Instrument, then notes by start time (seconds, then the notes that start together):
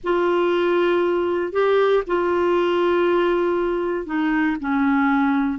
clarinet
0.03 F4
1.52 G4
2.06 F4
4.06 D#4
4.60 C#4